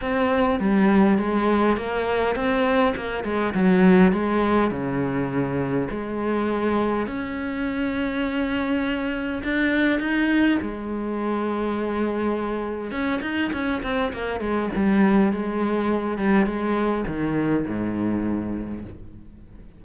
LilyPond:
\new Staff \with { instrumentName = "cello" } { \time 4/4 \tempo 4 = 102 c'4 g4 gis4 ais4 | c'4 ais8 gis8 fis4 gis4 | cis2 gis2 | cis'1 |
d'4 dis'4 gis2~ | gis2 cis'8 dis'8 cis'8 c'8 | ais8 gis8 g4 gis4. g8 | gis4 dis4 gis,2 | }